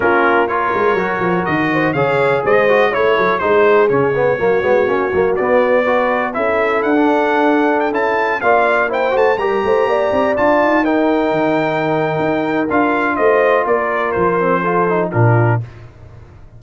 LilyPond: <<
  \new Staff \with { instrumentName = "trumpet" } { \time 4/4 \tempo 4 = 123 ais'4 cis''2 dis''4 | f''4 dis''4 cis''4 c''4 | cis''2. d''4~ | d''4 e''4 fis''2 |
g''16 a''4 f''4 g''8 a''8 ais''8.~ | ais''4~ ais''16 a''4 g''4.~ g''16~ | g''2 f''4 dis''4 | d''4 c''2 ais'4 | }
  \new Staff \with { instrumentName = "horn" } { \time 4/4 f'4 ais'2~ ais'8 c''8 | cis''4 c''4 cis''8 a'8 gis'4~ | gis'4 fis'2. | b'4 a'2.~ |
a'4~ a'16 d''4 c''4 ais'8 c''16~ | c''16 d''2 ais'4.~ ais'16~ | ais'2. c''4 | ais'2 a'4 f'4 | }
  \new Staff \with { instrumentName = "trombone" } { \time 4/4 cis'4 f'4 fis'2 | gis'4. fis'8 e'4 dis'4 | cis'8 b8 ais8 b8 cis'8 ais8 b4 | fis'4 e'4~ e'16 d'4.~ d'16~ |
d'16 e'4 f'4 e'8 fis'8 g'8.~ | g'4~ g'16 f'4 dis'4.~ dis'16~ | dis'2 f'2~ | f'4. c'8 f'8 dis'8 d'4 | }
  \new Staff \with { instrumentName = "tuba" } { \time 4/4 ais4. gis8 fis8 f8 dis4 | cis4 gis4 a8 fis8 gis4 | cis4 fis8 gis8 ais8 fis8 b4~ | b4 cis'4 d'2~ |
d'16 cis'4 ais4. a8 g8 a16~ | a16 ais8 c'8 d'8 dis'4. dis8.~ | dis4 dis'4 d'4 a4 | ais4 f2 ais,4 | }
>>